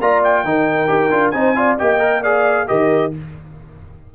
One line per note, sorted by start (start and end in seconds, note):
0.00 0.44 A#3
0.00 0.45 F4
0.00 0.45 D5
0.00 0.22 A#5
0.23 1.30 G5
0.44 0.88 D#3
0.44 0.87 D#4
0.44 1.36 A#4
0.87 1.11 D#4
0.87 1.10 G4
1.11 1.33 D4
1.11 1.33 F4
1.30 1.78 C4
1.30 1.55 D#4
1.30 1.57 C5
1.30 1.75 G#5
1.55 1.77 F4
1.55 1.78 D5
1.78 2.69 A#3
1.78 1.99 G4
1.78 2.22 D#5
1.78 2.23 G5
1.99 2.21 A#4
2.22 2.67 G#4
2.22 2.66 D5
2.22 2.67 F5
2.67 3.15 D#3
2.67 3.11 G4
2.67 3.13 A#4
2.67 3.12 D#5